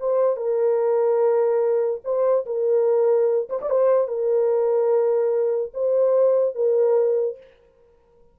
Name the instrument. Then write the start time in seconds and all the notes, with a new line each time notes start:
horn
0.00 C5
0.37 A#4
2.04 C5
2.46 A#4
3.50 C5
3.61 D5
3.70 C5
4.08 A#4
5.74 C5
6.55 A#4